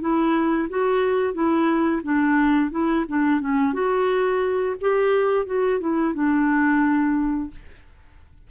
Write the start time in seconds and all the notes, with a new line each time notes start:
0.00 E4
0.69 F#4
1.33 E4
2.03 D4
2.71 E4
3.08 D4
3.40 C#4
3.73 F#4
4.81 G4
5.45 F#4
5.80 E4
6.14 D4